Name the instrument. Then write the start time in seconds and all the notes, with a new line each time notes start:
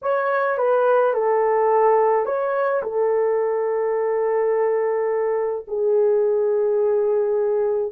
horn
0.02 C#5
0.57 B4
1.13 A4
2.25 C#5
2.83 A4
5.67 G#4